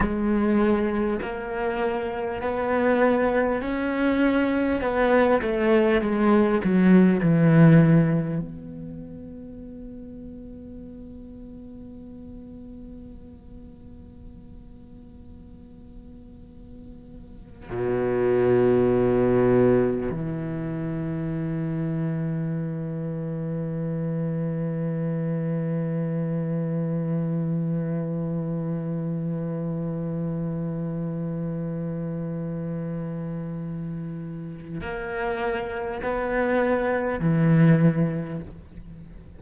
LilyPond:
\new Staff \with { instrumentName = "cello" } { \time 4/4 \tempo 4 = 50 gis4 ais4 b4 cis'4 | b8 a8 gis8 fis8 e4 b4~ | b1~ | b2~ b8. b,4~ b,16~ |
b,8. e2.~ e16~ | e1~ | e1~ | e4 ais4 b4 e4 | }